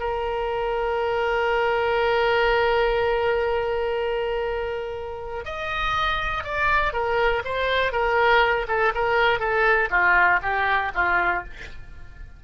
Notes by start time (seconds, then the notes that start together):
0.00 A#4
5.45 D#5
6.44 D5
6.93 A#4
7.45 C5
7.92 A#4
8.68 A4
8.95 A#4
9.39 A4
9.90 F4
10.42 G4
10.95 F4